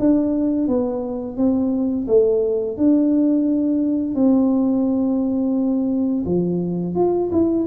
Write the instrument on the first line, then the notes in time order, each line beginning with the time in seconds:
tuba
0.00 D4
0.68 B3
1.37 C4
2.08 A3
2.77 D4
4.16 C4
6.26 F3
6.95 F4
7.32 E4